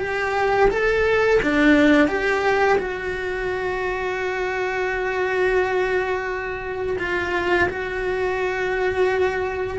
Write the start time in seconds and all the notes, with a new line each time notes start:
0.00 G4
0.70 A4
1.43 D4
2.08 G4
2.79 F#4
6.99 F4
7.69 F#4